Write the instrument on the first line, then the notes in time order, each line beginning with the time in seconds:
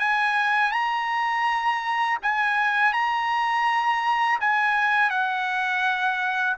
trumpet
0.00 G#5
0.72 A#5
2.23 G#5
2.93 A#5
4.41 G#5
5.11 F#5